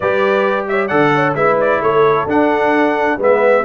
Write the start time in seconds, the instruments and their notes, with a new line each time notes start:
0.00 tuba G3, trombone G4, horn B4, trumpet D5
0.68 horn C#5, trumpet E5
0.87 tuba D3, trombone A4, horn D5, trumpet F#5
1.14 horn C#5
1.34 tuba G#3, trombone E4, horn B4, trumpet E5
1.60 trumpet D5
1.81 tuba A3, horn A4, trumpet C#5
2.26 tuba D4, trombone D4, trumpet F#5
3.18 tuba G#3, trombone B3, horn B4, trumpet E5